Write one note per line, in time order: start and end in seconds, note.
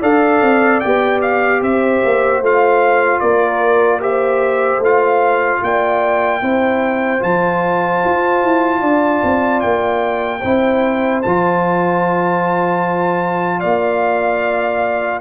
0.00 0.42 D4
0.00 0.82 A4
0.00 1.60 D5
0.00 0.80 F5
0.42 0.82 C4
0.80 1.62 B3
0.80 2.44 G4
0.80 1.20 G5
1.22 1.62 F5
1.62 2.02 C4
1.62 3.22 C5
1.62 2.43 E5
2.05 2.41 A#3
2.41 3.21 A3
2.41 4.00 F4
2.41 3.20 F5
3.20 4.79 A#3
3.20 4.02 A#4
3.20 4.00 D5
4.00 4.81 G4
4.00 5.62 C5
4.00 4.83 E5
4.79 5.59 A3
4.79 6.42 F4
4.79 5.64 F5
5.63 6.42 A#3
5.63 6.43 D5
5.63 7.23 G5
6.42 7.22 C4
6.42 7.20 E4
6.42 8.81 C5
7.20 8.04 F3
7.20 10.40 F4
7.20 9.61 A5
8.04 8.44 F4
8.44 8.82 E4
8.81 9.22 D4
8.81 10.40 D5
9.23 9.63 C4
9.61 10.44 A#3
9.61 11.21 G5
10.40 11.24 C4
10.40 11.24 E4
10.40 13.60 C5
11.22 13.63 F3
11.22 15.21 F4
11.22 13.60 A5
13.60 15.21 A#3
13.60 15.20 D5
13.60 15.20 F5